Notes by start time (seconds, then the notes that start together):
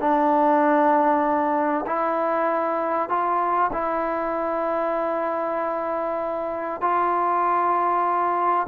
0.00 D4
1.87 E4
3.09 F4
3.73 E4
6.82 F4